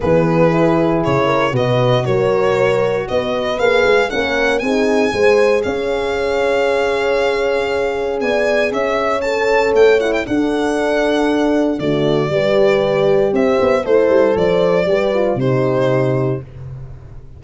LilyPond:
<<
  \new Staff \with { instrumentName = "violin" } { \time 4/4 \tempo 4 = 117 b'2 cis''4 dis''4 | cis''2 dis''4 f''4 | fis''4 gis''2 f''4~ | f''1 |
gis''4 e''4 a''4 g''8 fis''16 g''16 | fis''2. d''4~ | d''2 e''4 c''4 | d''2 c''2 | }
  \new Staff \with { instrumentName = "horn" } { \time 4/4 gis'2~ gis'8 ais'8 b'4 | ais'2 b'2 | ais'4 gis'4 c''4 cis''4~ | cis''1 |
d''4 cis''2. | a'2. fis'4 | b'2 c''4 e'4 | c''4 b'4 g'2 | }
  \new Staff \with { instrumentName = "horn" } { \time 4/4 b4 e'2 fis'4~ | fis'2. gis'4 | cis'4 dis'4 gis'2~ | gis'1~ |
gis'2 a'4. e'8 | d'2. a4 | g'2. a'4~ | a'4 g'8 f'8 dis'2 | }
  \new Staff \with { instrumentName = "tuba" } { \time 4/4 e2 cis4 b,4 | fis2 b4 ais8 gis8 | ais4 c'4 gis4 cis'4~ | cis'1 |
b4 cis'2 a4 | d'2. d4 | g2 c'8 b8 a8 g8 | f4 g4 c2 | }
>>